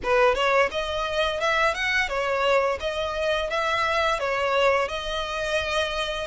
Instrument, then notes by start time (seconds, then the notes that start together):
violin
0.03 B4
0.35 C#5
0.71 D#5
1.40 E5
1.74 F#5
2.08 C#5
2.80 D#5
3.49 E5
4.19 C#5
4.88 D#5